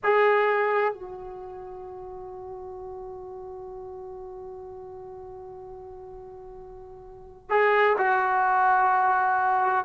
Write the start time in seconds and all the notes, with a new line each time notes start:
0.03 G#4
0.93 F#4
7.50 G#4
7.98 F#4